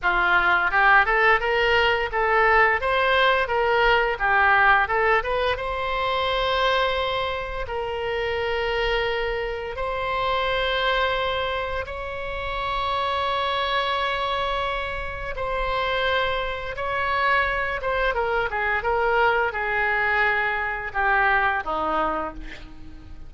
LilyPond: \new Staff \with { instrumentName = "oboe" } { \time 4/4 \tempo 4 = 86 f'4 g'8 a'8 ais'4 a'4 | c''4 ais'4 g'4 a'8 b'8 | c''2. ais'4~ | ais'2 c''2~ |
c''4 cis''2.~ | cis''2 c''2 | cis''4. c''8 ais'8 gis'8 ais'4 | gis'2 g'4 dis'4 | }